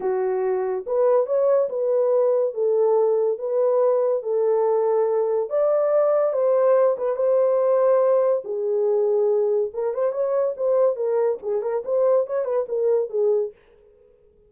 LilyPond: \new Staff \with { instrumentName = "horn" } { \time 4/4 \tempo 4 = 142 fis'2 b'4 cis''4 | b'2 a'2 | b'2 a'2~ | a'4 d''2 c''4~ |
c''8 b'8 c''2. | gis'2. ais'8 c''8 | cis''4 c''4 ais'4 gis'8 ais'8 | c''4 cis''8 b'8 ais'4 gis'4 | }